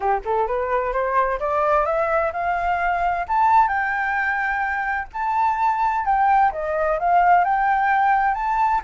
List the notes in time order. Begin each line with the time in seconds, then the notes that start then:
0.00 G4
0.24 A4
0.47 B4
0.92 C5
1.39 D5
1.85 E5
2.33 F5
3.27 A5
3.68 G5
5.13 A5
6.05 G5
6.52 D#5
6.99 F5
7.44 G5
8.34 A5